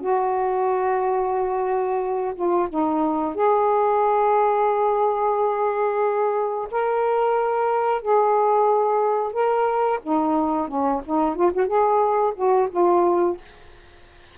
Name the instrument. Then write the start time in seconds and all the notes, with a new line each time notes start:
saxophone
0.00 F#4
2.35 F4
2.69 D#4
3.35 G#4
6.71 A#4
8.01 G#4
9.32 A#4
10.02 D#4
10.68 C#4
11.05 D#4
11.35 F4
11.53 F#4
11.67 G#4
12.35 F#4
12.71 F4